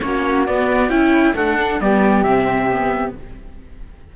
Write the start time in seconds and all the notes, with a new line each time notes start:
0.00 A#3 C#4 F#4 C#5
0.46 B3 D5
0.89 C#4 E4 G5
1.34 A3 D4 A4 F#5
1.56 D4
1.80 G3 B3 G4 D5
2.23 C3 C4 E5
2.70 B3